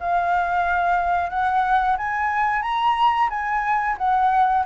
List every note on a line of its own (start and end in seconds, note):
0.00 1.30 F5
1.30 1.97 F#5
1.98 2.63 G#5
2.63 3.29 A#5
3.30 3.97 G#5
3.98 4.65 F#5